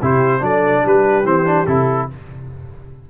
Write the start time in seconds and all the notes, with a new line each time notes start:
0.00 C3 E4 G4 C5
0.40 F#3 D4 A4 D5
0.83 G3 G4 B4
1.24 E3 C4 C5
1.45 D4
1.66 C3 E4 A4